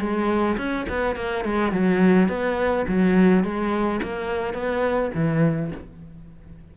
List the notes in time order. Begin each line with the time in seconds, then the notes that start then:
0.00 G#3
0.57 C#4
0.89 B3
1.16 A#3
1.45 G#3
1.72 F#3
2.29 B3
2.88 F#3
3.44 G#3
4.03 A#3
4.54 B3
5.15 E3